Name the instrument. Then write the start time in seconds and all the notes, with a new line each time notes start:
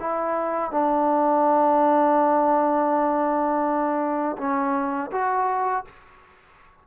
trombone
0.00 E4
0.71 D4
4.37 C#4
5.12 F#4